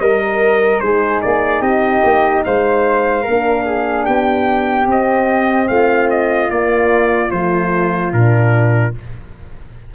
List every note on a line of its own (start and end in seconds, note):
0.00 0.81 G3
0.00 0.81 A#4
0.00 0.83 A#4
0.00 0.80 D#5
0.80 1.23 G#3
0.80 3.25 D#4
0.80 1.63 G#4
0.80 1.21 C5
1.22 1.61 A#3
1.22 1.62 D5
1.61 2.02 C4
1.61 2.44 G4
1.61 2.43 D#5
2.04 2.45 A#3
2.45 3.27 G#3
2.45 3.22 C5
2.45 4.06 F5
3.22 4.08 A#3
3.22 3.63 A#4
3.30 4.89 D4
3.66 4.05 G#4
4.05 4.87 B3
4.05 5.67 G4
4.05 4.87 G5
4.87 5.68 C4
4.87 6.50 C4
4.87 5.68 D#5
5.68 6.51 A3
5.68 8.95 F4
5.68 6.09 F5
6.10 6.51 D#5
6.50 7.31 A#3
6.50 7.31 D5
7.31 8.12 F3
7.31 8.13 A3
7.31 8.12 C5
8.13 8.94 A#2
8.13 8.94 D4
8.13 8.94 A#4